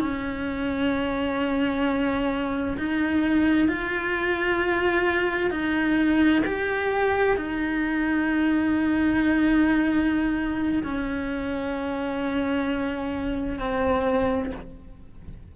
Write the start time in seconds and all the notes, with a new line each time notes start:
0.00 C#4
2.78 D#4
3.68 F4
5.51 D#4
6.46 G4
7.37 D#4
10.84 C#4
13.59 C4